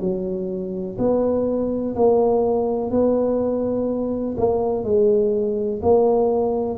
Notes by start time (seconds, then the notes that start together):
0.00 F#3
0.98 B3
1.95 A#3
2.90 B3
4.37 A#3
4.83 G#3
5.82 A#3